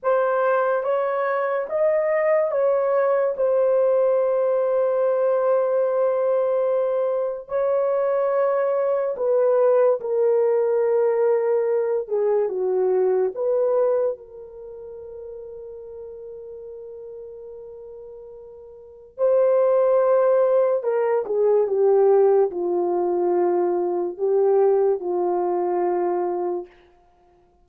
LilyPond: \new Staff \with { instrumentName = "horn" } { \time 4/4 \tempo 4 = 72 c''4 cis''4 dis''4 cis''4 | c''1~ | c''4 cis''2 b'4 | ais'2~ ais'8 gis'8 fis'4 |
b'4 ais'2.~ | ais'2. c''4~ | c''4 ais'8 gis'8 g'4 f'4~ | f'4 g'4 f'2 | }